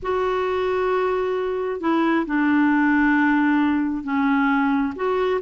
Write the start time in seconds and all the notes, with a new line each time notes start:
0.02 F#4
1.80 E4
2.26 D4
4.03 C#4
4.95 F#4